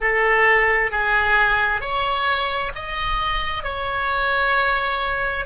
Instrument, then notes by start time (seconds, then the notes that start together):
oboe
0.00 A4
0.91 G#4
1.80 C#5
2.75 D#5
3.63 C#5